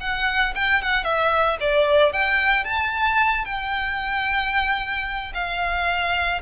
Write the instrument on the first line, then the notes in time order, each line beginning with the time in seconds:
violin
0.00 F#5
0.55 G5
0.82 F#5
1.04 E5
1.60 D5
2.13 G5
2.65 A5
3.45 G5
5.34 F5